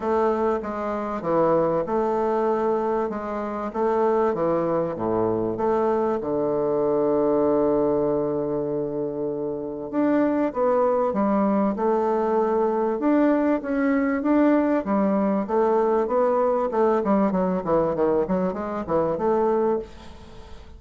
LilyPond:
\new Staff \with { instrumentName = "bassoon" } { \time 4/4 \tempo 4 = 97 a4 gis4 e4 a4~ | a4 gis4 a4 e4 | a,4 a4 d2~ | d1 |
d'4 b4 g4 a4~ | a4 d'4 cis'4 d'4 | g4 a4 b4 a8 g8 | fis8 e8 dis8 fis8 gis8 e8 a4 | }